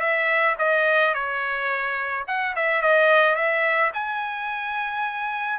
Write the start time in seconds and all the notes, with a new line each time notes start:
0.00 E5
0.58 D#5
1.14 C#5
2.27 F#5
2.56 E5
2.81 D#5
3.35 E5
3.94 G#5